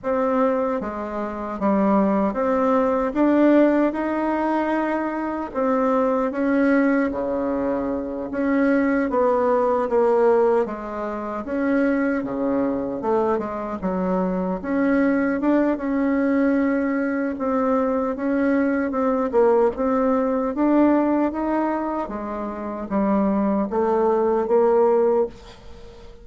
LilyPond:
\new Staff \with { instrumentName = "bassoon" } { \time 4/4 \tempo 4 = 76 c'4 gis4 g4 c'4 | d'4 dis'2 c'4 | cis'4 cis4. cis'4 b8~ | b8 ais4 gis4 cis'4 cis8~ |
cis8 a8 gis8 fis4 cis'4 d'8 | cis'2 c'4 cis'4 | c'8 ais8 c'4 d'4 dis'4 | gis4 g4 a4 ais4 | }